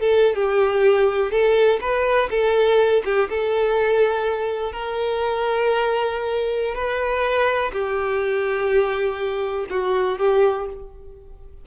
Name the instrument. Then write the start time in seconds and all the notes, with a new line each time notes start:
violin
0.00 A4
0.36 G4
1.32 A4
1.81 B4
2.30 A4
3.05 G4
3.30 A4
4.73 A#4
6.75 B4
7.73 G4
9.70 F#4
10.18 G4